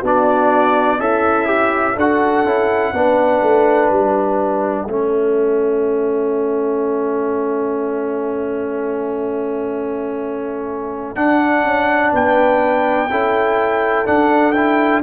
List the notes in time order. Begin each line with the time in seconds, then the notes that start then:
0.00 B3 D4 F#4
0.06 D5
0.99 C#4 E4 A4 E5
1.46 G4
1.96 D4 F#4 A4 F#5
2.44 C#4 E4
2.93 B3 D4 B4
3.42 A3
3.90 G3 E5
4.87 A3 C#4 A4
11.15 D4 F#5
11.64 C#4
12.12 B3 B4 G5
13.10 C#4 E4 A4
14.05 D4 F#5
14.52 E4 G5